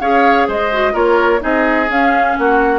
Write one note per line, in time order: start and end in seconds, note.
0.00 0.48 C#4
0.00 0.72 G#4
0.00 0.48 C#5
0.00 0.47 F5
0.48 0.94 G#3
0.48 0.93 C5
0.48 0.95 D#5
0.72 0.93 F#4
0.93 1.41 A#3
0.93 1.39 F4
0.93 1.40 A#4
0.93 1.43 C#5
1.39 1.89 C4
1.39 1.87 D#4
1.39 2.37 G#4
1.39 1.90 D#5
1.89 2.36 C#4
1.89 2.79 C#4
1.89 2.38 F5
2.38 2.79 A#3
2.38 2.79 F#4
2.38 2.79 F#5